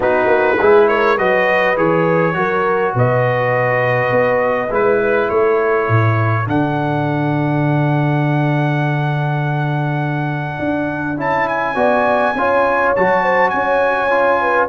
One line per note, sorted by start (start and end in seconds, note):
0.00 0.26 B3
0.00 0.56 D#4
0.00 0.58 F#4
0.00 0.88 B4
0.26 0.55 A#3
0.58 1.18 G#3
0.58 1.18 E4
0.58 0.87 G#4
0.88 1.17 A#4
0.88 1.17 C#5
1.17 1.76 F#3
1.17 1.76 F#4
1.17 2.35 B4
1.17 1.76 D#5
1.76 2.35 E3
1.76 2.33 G#4
1.76 2.95 C#5
2.33 2.94 F#3
2.33 4.68 F#4
2.33 2.95 A#4
2.94 4.11 B2
2.94 5.29 B4
2.94 4.73 D#5
4.11 4.69 B3
4.70 5.29 G#3
4.70 6.45 E4
4.70 5.29 B4
5.29 5.88 A3
5.29 11.75 A4
5.29 6.46 C#5
5.88 6.46 A2
6.45 10.58 D3
6.45 11.16 D4
6.45 11.19 F#5
10.58 11.16 D4
11.16 11.75 C#4
11.16 11.75 E4
11.16 11.48 A5
11.48 12.95 G#5
11.75 12.34 B3
11.75 12.33 F#4
11.75 12.34 D5
12.34 12.93 C#4
12.34 12.96 F4
12.34 13.23 C#5
12.95 13.53 F#3
12.95 14.09 F#4
12.95 13.49 A5
13.23 13.52 C5
13.49 14.69 C#4
13.49 14.41 C#5
13.49 14.67 G#5
14.09 14.68 F4
14.41 14.69 B4